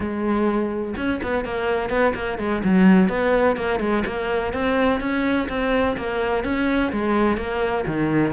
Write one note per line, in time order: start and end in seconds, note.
0.00 0.94 G#3
0.97 1.20 C#4
1.23 1.44 B3
1.44 1.89 A#3
1.89 2.13 B3
2.14 2.38 A#3
2.38 2.62 G#3
2.64 3.08 F#3
3.08 3.56 B3
3.56 3.79 A#3
3.79 4.03 G#3
4.06 4.53 A#3
4.53 5.00 C4
5.00 5.47 C#4
5.48 5.96 C4
5.96 6.44 A#3
6.44 6.91 C#4
6.92 7.37 G#3
7.37 7.84 A#3
7.86 8.33 D#3